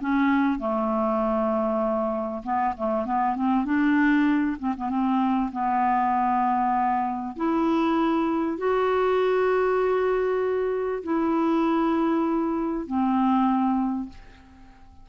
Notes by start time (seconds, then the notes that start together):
0.00 C#4
0.59 A3
2.43 B3
2.77 A3
3.05 B3
3.35 C4
3.65 D4
4.59 C4
4.76 B3
4.89 C4
5.52 B3
7.36 E4
8.57 F#4
11.03 E4
12.86 C4